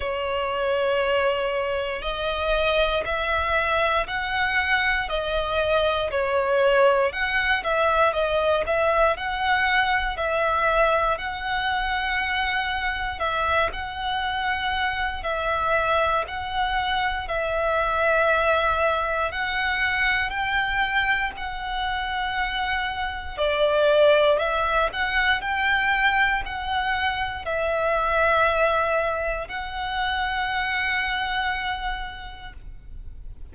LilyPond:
\new Staff \with { instrumentName = "violin" } { \time 4/4 \tempo 4 = 59 cis''2 dis''4 e''4 | fis''4 dis''4 cis''4 fis''8 e''8 | dis''8 e''8 fis''4 e''4 fis''4~ | fis''4 e''8 fis''4. e''4 |
fis''4 e''2 fis''4 | g''4 fis''2 d''4 | e''8 fis''8 g''4 fis''4 e''4~ | e''4 fis''2. | }